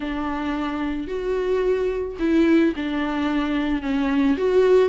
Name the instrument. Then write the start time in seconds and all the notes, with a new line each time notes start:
viola
0.00 D4
1.07 F#4
2.19 E4
2.76 D4
3.82 C#4
4.37 F#4